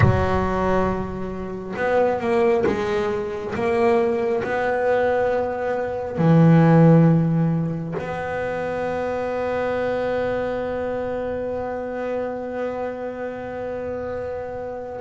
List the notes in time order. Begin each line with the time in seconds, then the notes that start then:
0.00 F#3
1.76 B3
2.20 A#3
2.66 G#3
3.54 A#3
4.43 B3
6.18 E3
7.99 B3